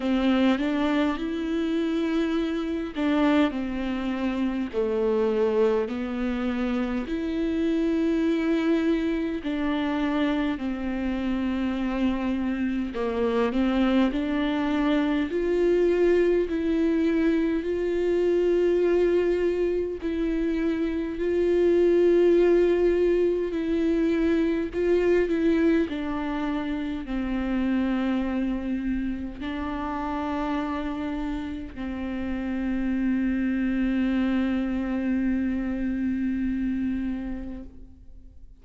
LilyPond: \new Staff \with { instrumentName = "viola" } { \time 4/4 \tempo 4 = 51 c'8 d'8 e'4. d'8 c'4 | a4 b4 e'2 | d'4 c'2 ais8 c'8 | d'4 f'4 e'4 f'4~ |
f'4 e'4 f'2 | e'4 f'8 e'8 d'4 c'4~ | c'4 d'2 c'4~ | c'1 | }